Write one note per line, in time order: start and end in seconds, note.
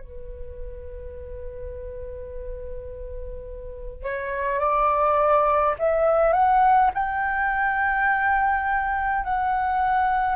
0.00 4.03 B4
4.03 4.59 C#5
4.59 5.75 D5
5.78 6.33 E5
6.33 6.90 F#5
6.94 9.24 G5
9.24 10.35 F#5